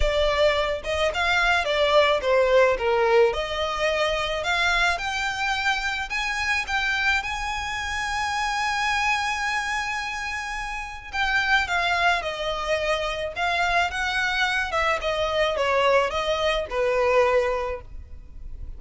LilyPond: \new Staff \with { instrumentName = "violin" } { \time 4/4 \tempo 4 = 108 d''4. dis''8 f''4 d''4 | c''4 ais'4 dis''2 | f''4 g''2 gis''4 | g''4 gis''2.~ |
gis''1 | g''4 f''4 dis''2 | f''4 fis''4. e''8 dis''4 | cis''4 dis''4 b'2 | }